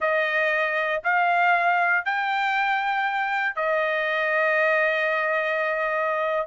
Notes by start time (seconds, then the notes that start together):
0.00 D#5
1.03 F5
2.05 G5
3.55 D#5